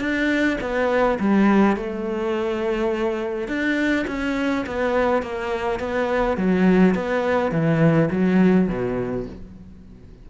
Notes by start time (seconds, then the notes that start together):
0.00 D4
0.61 B3
1.20 G3
1.76 A3
3.48 D4
4.07 C#4
4.66 B3
5.22 A#3
5.79 B3
6.37 F#3
6.95 B3
7.51 E3
8.11 F#3
8.68 B2